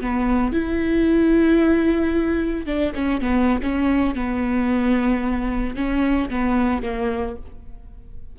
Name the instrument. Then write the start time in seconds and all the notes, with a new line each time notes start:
viola
0.00 B3
0.52 E4
2.66 D4
2.94 C#4
3.20 B3
3.62 C#4
4.14 B3
5.75 C#4
6.29 B3
6.82 A#3